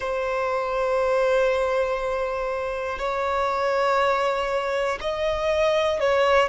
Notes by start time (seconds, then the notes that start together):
0.00 C5
2.98 C#5
5.00 D#5
6.00 C#5